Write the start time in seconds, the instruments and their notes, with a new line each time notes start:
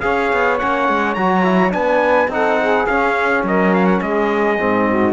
0.00 cello C#4, trombone G#4, saxophone C#5, trumpet F5
0.32 cello B3
0.58 cello A#3, trombone C#4, trumpet F#5
0.88 cello G#3
1.14 cello F#3, trombone F#4, trumpet A#5
1.43 trombone E4
1.70 cello B3, trombone D4, saxophone B4, trumpet G#5
2.27 cello C4, trombone D#4, saxophone A4, trumpet F#5
2.60 saxophone G#4
2.86 trombone C#4, cello C#4, trumpet F5
3.43 cello F#3, saxophone A#4, trumpet D#5
3.74 trumpet F5
3.86 trumpet F#5
4.01 cello G#3, saxophone G#4, trumpet D#5
4.58 cello G#2, trombone C4
4.89 saxophone F#4